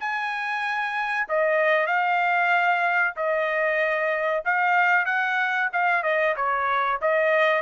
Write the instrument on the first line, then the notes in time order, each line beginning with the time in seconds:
trumpet
0.00 G#5
1.29 D#5
1.87 F5
3.17 D#5
4.45 F5
5.06 F#5
5.73 F5
6.03 D#5
6.36 C#5
7.02 D#5